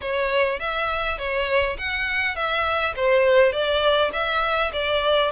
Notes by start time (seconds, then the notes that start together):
0.01 C#5
0.59 E5
1.18 C#5
1.78 F#5
2.35 E5
2.95 C5
3.52 D5
4.12 E5
4.72 D5